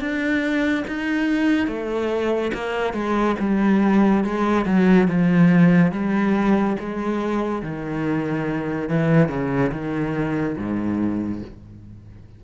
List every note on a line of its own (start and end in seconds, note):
0.00 0.85 D4
0.87 1.67 D#4
1.67 2.52 A3
2.54 2.93 A#3
2.93 3.36 G#3
3.40 4.24 G3
4.24 4.66 G#3
4.66 5.08 F#3
5.08 5.92 F3
5.92 6.76 G3
6.79 7.62 G#3
7.62 8.89 D#3
8.89 9.28 E3
9.28 9.71 C#3
9.72 10.56 D#3
10.57 11.42 G#2